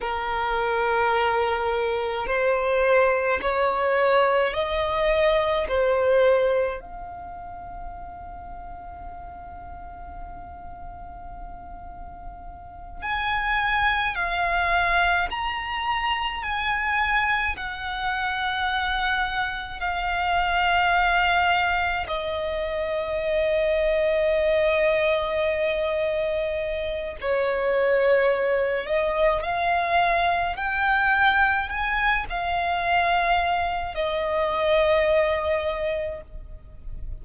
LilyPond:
\new Staff \with { instrumentName = "violin" } { \time 4/4 \tempo 4 = 53 ais'2 c''4 cis''4 | dis''4 c''4 f''2~ | f''2.~ f''8 gis''8~ | gis''8 f''4 ais''4 gis''4 fis''8~ |
fis''4. f''2 dis''8~ | dis''1 | cis''4. dis''8 f''4 g''4 | gis''8 f''4. dis''2 | }